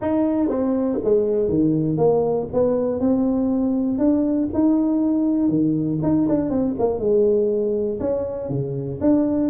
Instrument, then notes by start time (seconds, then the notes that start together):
tuba
0.01 D#4
0.48 C4
1.03 G#3
1.48 D#3
1.97 A#3
2.53 B3
3.00 C4
3.98 D4
4.53 D#4
5.48 D#3
6.02 D#4
6.28 D4
6.50 C4
6.78 A#3
6.99 G#3
8.00 C#4
8.49 C#3
9.00 D4